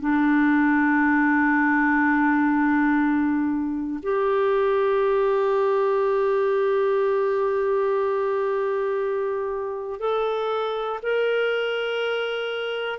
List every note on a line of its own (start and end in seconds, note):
0.00 4.00 D4
4.02 10.00 G4
10.00 11.00 A4
11.02 12.99 A#4